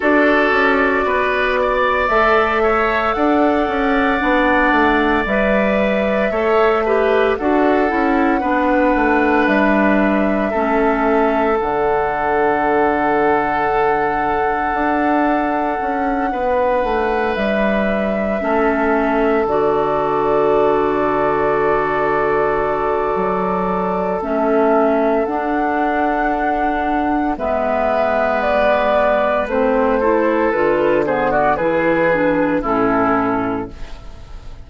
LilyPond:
<<
  \new Staff \with { instrumentName = "flute" } { \time 4/4 \tempo 4 = 57 d''2 e''4 fis''4~ | fis''4 e''2 fis''4~ | fis''4 e''2 fis''4~ | fis''1~ |
fis''8 e''2 d''4.~ | d''2. e''4 | fis''2 e''4 d''4 | c''4 b'8 c''16 d''16 b'4 a'4 | }
  \new Staff \with { instrumentName = "oboe" } { \time 4/4 a'4 b'8 d''4 cis''8 d''4~ | d''2 cis''8 b'8 a'4 | b'2 a'2~ | a'2.~ a'8 b'8~ |
b'4. a'2~ a'8~ | a'1~ | a'2 b'2~ | b'8 a'4 gis'16 fis'16 gis'4 e'4 | }
  \new Staff \with { instrumentName = "clarinet" } { \time 4/4 fis'2 a'2 | d'4 b'4 a'8 g'8 fis'8 e'8 | d'2 cis'4 d'4~ | d'1~ |
d'4. cis'4 fis'4.~ | fis'2. cis'4 | d'2 b2 | c'8 e'8 f'8 b8 e'8 d'8 cis'4 | }
  \new Staff \with { instrumentName = "bassoon" } { \time 4/4 d'8 cis'8 b4 a4 d'8 cis'8 | b8 a8 g4 a4 d'8 cis'8 | b8 a8 g4 a4 d4~ | d2 d'4 cis'8 b8 |
a8 g4 a4 d4.~ | d2 fis4 a4 | d'2 gis2 | a4 d4 e4 a,4 | }
>>